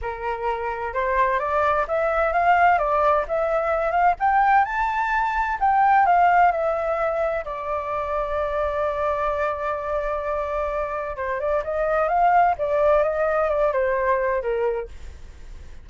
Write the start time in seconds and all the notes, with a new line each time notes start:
0.01 A#4
0.93 C5
1.39 D5
1.87 E5
2.32 F5
2.78 D5
3.27 E5
3.91 F5
4.19 G5
4.64 A5
5.59 G5
6.05 F5
6.51 E5
7.44 D5
11.16 C5
11.40 D5
11.63 D#5
12.08 F5
12.58 D5
13.03 D#5
13.49 D5
13.72 C5
14.42 A#4